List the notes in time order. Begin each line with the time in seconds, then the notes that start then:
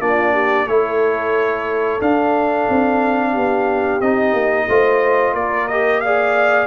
0.00 A#3 D4 F4 D5
0.33 G4
0.66 A3 E4 A4 C#5
2.01 D4 F5
2.69 C4
3.32 B3 G4
4.01 C4 D#4 D#5
4.33 A#3
4.68 A3 F4 C5
5.34 A#3 A#4 D5
5.67 G4 D#5
6.00 G#4 D5 F5